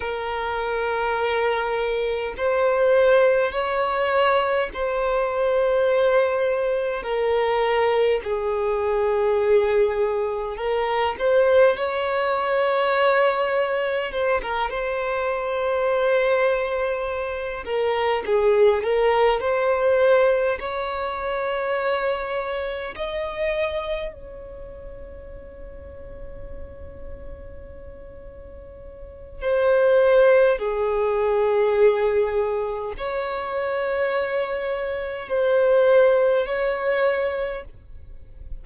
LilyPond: \new Staff \with { instrumentName = "violin" } { \time 4/4 \tempo 4 = 51 ais'2 c''4 cis''4 | c''2 ais'4 gis'4~ | gis'4 ais'8 c''8 cis''2 | c''16 ais'16 c''2~ c''8 ais'8 gis'8 |
ais'8 c''4 cis''2 dis''8~ | dis''8 cis''2.~ cis''8~ | cis''4 c''4 gis'2 | cis''2 c''4 cis''4 | }